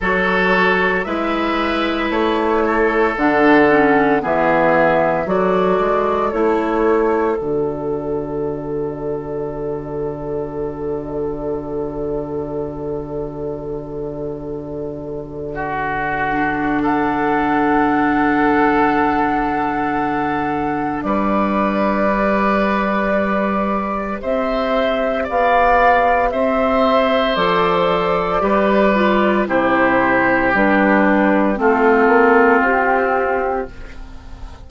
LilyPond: <<
  \new Staff \with { instrumentName = "flute" } { \time 4/4 \tempo 4 = 57 cis''4 e''4 cis''4 fis''4 | e''4 d''4 cis''4 d''4~ | d''1~ | d''1 |
fis''1 | d''2. e''4 | f''4 e''4 d''2 | c''4 b'4 a'4 g'4 | }
  \new Staff \with { instrumentName = "oboe" } { \time 4/4 a'4 b'4. a'4. | gis'4 a'2.~ | a'1~ | a'2~ a'8. fis'4~ fis'16 |
a'1 | b'2. c''4 | d''4 c''2 b'4 | g'2 f'2 | }
  \new Staff \with { instrumentName = "clarinet" } { \time 4/4 fis'4 e'2 d'8 cis'8 | b4 fis'4 e'4 fis'4~ | fis'1~ | fis'2.~ fis'8 d'8~ |
d'1~ | d'4 g'2.~ | g'2 a'4 g'8 f'8 | e'4 d'4 c'2 | }
  \new Staff \with { instrumentName = "bassoon" } { \time 4/4 fis4 gis4 a4 d4 | e4 fis8 gis8 a4 d4~ | d1~ | d1~ |
d1 | g2. c'4 | b4 c'4 f4 g4 | c4 g4 a8 ais8 c'4 | }
>>